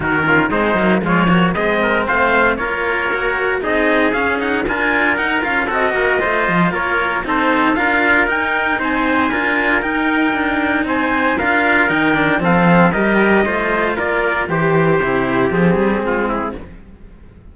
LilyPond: <<
  \new Staff \with { instrumentName = "trumpet" } { \time 4/4 \tempo 4 = 116 ais'4 c''4 cis''4 dis''4 | f''4 cis''2 dis''4 | f''8 fis''8 gis''4 fis''8 f''8 dis''4~ | dis''4 cis''4 c''4 f''4 |
g''4 gis''2 g''4~ | g''4 gis''4 f''4 g''4 | f''4 dis''2 d''4 | c''2 gis'2 | }
  \new Staff \with { instrumentName = "trumpet" } { \time 4/4 fis'8 f'8 dis'4 f'8 fis'8 gis'8 ais'8 | c''4 ais'2 gis'4~ | gis'4 ais'2 a'8 ais'8 | c''4 ais'4 a'4 ais'4~ |
ais'4 c''4 ais'2~ | ais'4 c''4 ais'2 | a'4 ais'4 c''4 ais'4 | g'2. f'8 e'8 | }
  \new Staff \with { instrumentName = "cello" } { \time 4/4 dis'8 cis'8 c'8 ais8 gis8 ais8 c'4~ | c'4 f'4 fis'4 dis'4 | cis'8 dis'8 f'4 dis'8 f'8 fis'4 | f'2 dis'4 f'4 |
dis'2 f'4 dis'4~ | dis'2 f'4 dis'8 d'8 | c'4 g'4 f'2 | g'4 e'4 c'2 | }
  \new Staff \with { instrumentName = "cello" } { \time 4/4 dis4 gis8 fis8 f4 gis4 | a4 ais2 c'4 | cis'4 d'4 dis'8 cis'8 c'8 ais8 | a8 f8 ais4 c'4 d'4 |
dis'4 c'4 d'4 dis'4 | d'4 c'4 d'4 dis4 | f4 g4 a4 ais4 | e4 c4 f8 g8 gis4 | }
>>